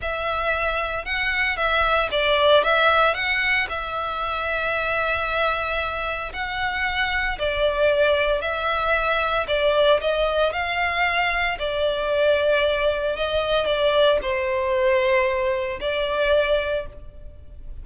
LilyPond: \new Staff \with { instrumentName = "violin" } { \time 4/4 \tempo 4 = 114 e''2 fis''4 e''4 | d''4 e''4 fis''4 e''4~ | e''1 | fis''2 d''2 |
e''2 d''4 dis''4 | f''2 d''2~ | d''4 dis''4 d''4 c''4~ | c''2 d''2 | }